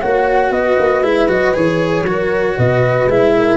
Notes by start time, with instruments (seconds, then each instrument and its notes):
0.00 tuba A#3, cello F#4, horn C#5, flute F#5
0.51 tuba B3, horn B4, flute D#5
0.79 tuba A#3
1.02 tuba G#3, cello E4, flute E5
1.28 tuba F#3, cello F#4, flute D#5
1.54 tuba E3, cello G#4, flute C#5
2.04 tuba F#3, cello F#4, horn A#4
2.56 tuba B2, horn B4, flute D#5
3.07 tuba G#3, cello E4, flute E5
3.36 horn A#4